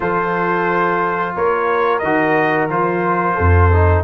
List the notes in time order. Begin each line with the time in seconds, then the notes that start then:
0.00 F3 F4 A4 C5
1.35 A#3 A#4 C#5
1.98 D#3 F#4 D#5
2.69 F3 F4 C5
3.35 F2 A4
3.72 D#4